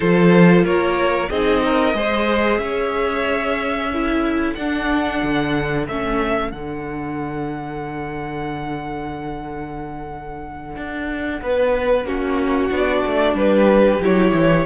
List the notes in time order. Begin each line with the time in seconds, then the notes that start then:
0.00 F3 F4 A4 C5
0.63 A#3 A#4 C#5
1.29 C4 D#4 G#4 D#5
1.65 A#4
1.93 G#3 G#4 C5
2.57 C#4 C#5 E5
3.91 E4 A4
4.54 D4 F#5
5.22 D3
5.87 A3 C#4 E5
6.51 D3 D4 F#5
10.75 D4
11.41 B3 B4
12.04 A#3 C#4 F#4
12.70 B3 D4 D5
13.06 A3
13.34 G3 G4 B4
13.99 F#3 E4 C#5
14.33 E3